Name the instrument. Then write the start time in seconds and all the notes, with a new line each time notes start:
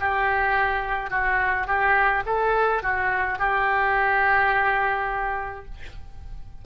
oboe
0.00 G4
1.10 F#4
1.67 G4
2.26 A4
2.83 F#4
3.39 G4